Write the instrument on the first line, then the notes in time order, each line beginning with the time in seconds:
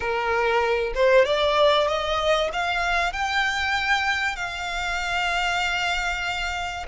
violin
0.00 A#4
0.94 C5
1.25 D5
1.87 D#5
2.52 F5
3.12 G5
4.36 F5